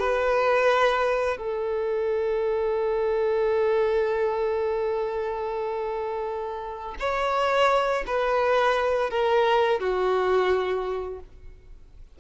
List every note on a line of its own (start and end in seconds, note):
0.00 1.38 B4
1.38 6.96 A4
7.00 8.05 C#5
8.07 9.11 B4
9.11 9.81 A#4
9.81 11.20 F#4